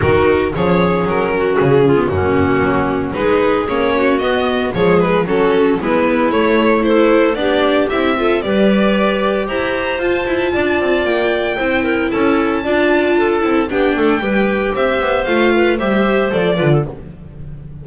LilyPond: <<
  \new Staff \with { instrumentName = "violin" } { \time 4/4 \tempo 4 = 114 ais'4 cis''4 ais'4 gis'4 | fis'2 b'4 cis''4 | dis''4 cis''8 b'8 a'4 b'4 | cis''4 c''4 d''4 e''4 |
d''2 ais''4 a''4~ | a''4 g''2 a''4~ | a''2 g''2 | e''4 f''4 e''4 d''4 | }
  \new Staff \with { instrumentName = "clarinet" } { \time 4/4 fis'4 gis'4. fis'4 f'8 | cis'2 gis'4. fis'8~ | fis'4 gis'4 fis'4 e'4~ | e'4 a'4 g'4. a'8 |
b'2 c''2 | d''2 c''8 ais'8 a'4 | d''4 a'4 g'8 a'8 b'4 | c''4. b'8 c''4. b'16 a'16 | }
  \new Staff \with { instrumentName = "viola" } { \time 4/4 dis'4 cis'2~ cis'8. b16 | ais2 dis'4 cis'4 | b4 gis4 cis'4 b4 | a4 e'4 d'4 e'8 f'8 |
g'2. f'4~ | f'2 e'2 | f'4. e'8 d'4 g'4~ | g'4 f'4 g'4 a'8 f'8 | }
  \new Staff \with { instrumentName = "double bass" } { \time 4/4 dis4 f4 fis4 cis4 | fis,4 fis4 gis4 ais4 | b4 f4 fis4 gis4 | a2 b4 c'4 |
g2 e'4 f'8 e'8 | d'8 c'8 ais4 c'4 cis'4 | d'4. c'8 b8 a8 g4 | c'8 b8 a4 g4 f8 d8 | }
>>